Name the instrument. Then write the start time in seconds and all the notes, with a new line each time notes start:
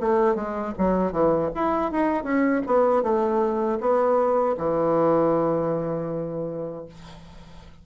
bassoon
0.00 A3
0.35 G#3
0.78 F#3
1.12 E3
1.55 E4
1.91 D#4
2.23 C#4
2.66 B3
3.02 A3
3.80 B3
4.57 E3